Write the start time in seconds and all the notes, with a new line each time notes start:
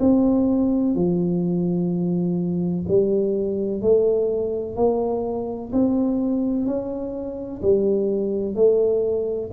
0.00 C4
0.96 F3
2.88 G3
3.82 A3
4.77 A#3
5.72 C4
6.66 C#4
7.62 G3
8.55 A3